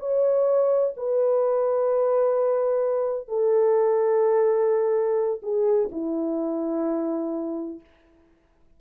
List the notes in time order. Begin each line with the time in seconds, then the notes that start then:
0.00 C#5
0.97 B4
3.29 A4
5.43 G#4
5.92 E4